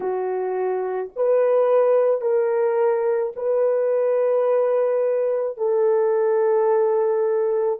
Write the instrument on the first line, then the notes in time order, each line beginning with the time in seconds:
horn
0.00 F#4
1.16 B4
2.21 A#4
3.36 B4
5.57 A4